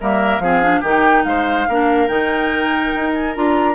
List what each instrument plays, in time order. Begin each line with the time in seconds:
0.00 bassoon G3, clarinet A#3, oboe A#4, flute E5
0.38 bassoon F3, clarinet C4, oboe G#4, flute F5
0.62 clarinet D4
0.80 bassoon D#3, clarinet D#4, oboe G4
0.86 flute G5
1.24 bassoon G#3, oboe C5, flute F5
1.68 bassoon A#3, clarinet D4, oboe A#4
2.08 bassoon D#3, clarinet D#4, flute G5
2.95 bassoon D#4
3.14 flute G#5
3.34 bassoon D4, clarinet F4, flute A#5